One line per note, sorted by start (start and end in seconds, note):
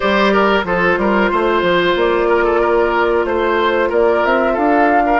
0.00 0.64 G3
0.00 0.64 G4
0.00 0.32 C5
0.00 0.62 D5
0.32 0.65 A#4
0.64 0.96 F3
0.64 5.19 F4
0.64 0.99 A4
0.64 1.96 C5
0.97 1.29 G3
0.97 1.31 A#4
1.31 1.61 A3
1.31 2.28 C5
1.61 1.94 F3
1.95 3.24 A#3
1.95 3.25 D5
2.28 2.44 A#4
2.44 2.60 A4
2.60 3.25 A#4
3.24 3.90 A3
3.24 3.90 C5
3.24 3.89 C5
3.89 4.23 A#3
3.89 4.53 A#4
3.89 4.25 D5
4.24 4.57 C4
4.24 4.55 E5
4.53 5.19 D4
4.53 5.02 A4
4.53 5.19 F5
5.06 5.19 A#4